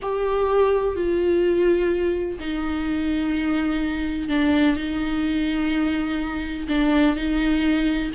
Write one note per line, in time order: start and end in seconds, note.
0.02 0.95 G4
0.95 2.38 F4
2.39 4.28 D#4
4.28 4.76 D4
4.76 6.67 D#4
6.68 7.16 D4
7.16 8.11 D#4